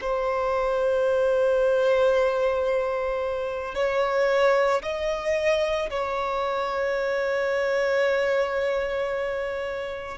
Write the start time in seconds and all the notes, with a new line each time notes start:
0.00 C5
3.75 C#5
4.82 D#5
5.90 C#5